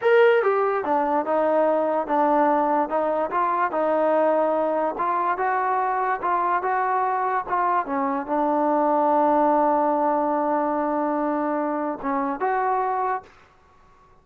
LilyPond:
\new Staff \with { instrumentName = "trombone" } { \time 4/4 \tempo 4 = 145 ais'4 g'4 d'4 dis'4~ | dis'4 d'2 dis'4 | f'4 dis'2. | f'4 fis'2 f'4 |
fis'2 f'4 cis'4 | d'1~ | d'1~ | d'4 cis'4 fis'2 | }